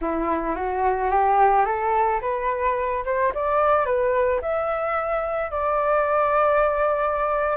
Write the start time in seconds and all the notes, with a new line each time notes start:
0.01 E4
0.55 F#4
1.10 G4
1.65 A4
2.21 B4
3.05 C5
3.34 D5
3.85 B4
4.41 E5
5.50 D5